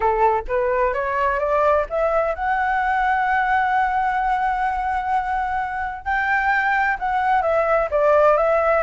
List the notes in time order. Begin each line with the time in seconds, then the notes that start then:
0.00 A4
0.48 B4
0.93 C#5
1.39 D5
1.89 E5
2.35 F#5
6.04 G5
6.99 F#5
7.42 E5
7.90 D5
8.37 E5